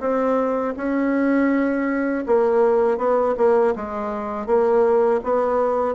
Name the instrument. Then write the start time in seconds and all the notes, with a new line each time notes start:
bassoon
0.00 C4
0.77 C#4
2.27 A#3
2.98 B3
3.37 A#3
3.76 G#3
4.46 A#3
5.24 B3